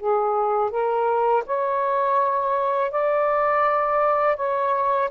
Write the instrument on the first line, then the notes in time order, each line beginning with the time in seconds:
saxophone
0.00 G#4
0.71 A#4
1.47 C#5
2.92 D5
4.37 C#5